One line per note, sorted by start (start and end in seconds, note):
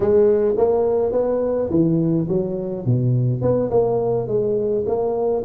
0.00 0.54 G#3
0.57 1.12 A#3
1.12 1.69 B3
1.70 2.27 E3
2.28 2.85 F#3
2.85 3.41 B2
3.41 3.70 B3
3.70 4.27 A#3
4.27 4.84 G#3
4.86 5.43 A#3